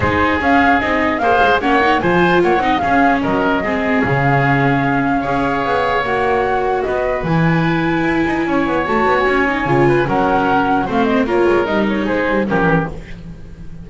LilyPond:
<<
  \new Staff \with { instrumentName = "flute" } { \time 4/4 \tempo 4 = 149 c''4 f''4 dis''4 f''4 | fis''4 gis''4 fis''4 f''4 | dis''2 f''2~ | f''2. fis''4~ |
fis''4 dis''4 gis''2~ | gis''2 a''8. gis''4~ gis''16~ | gis''4 fis''2 f''8 dis''8 | cis''4 dis''8 cis''8 c''4 ais'4 | }
  \new Staff \with { instrumentName = "oboe" } { \time 4/4 gis'2. c''4 | cis''4 c''4 cis''8 dis''8 gis'4 | ais'4 gis'2.~ | gis'4 cis''2.~ |
cis''4 b'2.~ | b'4 cis''2.~ | cis''8 b'8 ais'2 c''4 | ais'2 gis'4 g'4 | }
  \new Staff \with { instrumentName = "viola" } { \time 4/4 dis'4 cis'4 dis'4 gis'4 | cis'8 dis'8 f'4. dis'8 cis'4~ | cis'4 c'4 cis'2~ | cis'4 gis'2 fis'4~ |
fis'2 e'2~ | e'2 fis'4. dis'8 | f'4 cis'2 c'4 | f'4 dis'2 cis'4 | }
  \new Staff \with { instrumentName = "double bass" } { \time 4/4 gis4 cis'4 c'4 ais8 gis8 | ais4 f4 ais8 c'8 cis'4 | fis4 gis4 cis2~ | cis4 cis'4 b4 ais4~ |
ais4 b4 e2 | e'8 dis'8 cis'8 b8 a8 b8 cis'4 | cis4 fis2 a4 | ais8 gis8 g4 gis8 g8 f8 e8 | }
>>